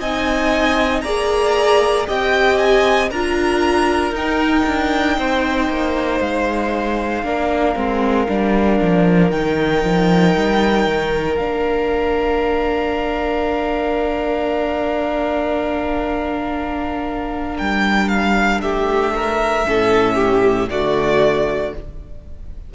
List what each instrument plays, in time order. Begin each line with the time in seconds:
0.00 cello C4, viola D#4, violin D#5 G#5
1.02 cello A#3, viola G#4, violin D5 A#5
2.07 cello C4, viola G4, violin D#5 G5
2.58 violin G#5
3.10 cello D4, viola F4, violin A#4 A#5
4.12 cello D#4, viola D#4, violin G5
4.67 cello D4
5.18 cello C4, violin C5
5.69 cello A#3
6.21 cello G#3, violin F5
7.24 cello A#3, viola D4, violin A#4
7.76 cello G#3, viola C4
8.28 cello G3, viola D4
8.82 cello F3
9.31 cello D#3, viola D#4, violin G5
9.84 cello F3
10.37 cello G3
10.87 cello D#3
11.37 cello A#3, viola D4, violin F5
17.58 cello G3, violin G5
18.09 violin F5
18.62 cello A3, violin G4 E5
19.16 violin A#4
19.65 cello A2, viola C#4, violin A4
20.16 violin G4
20.70 cello D3, viola A3, violin F#4 D5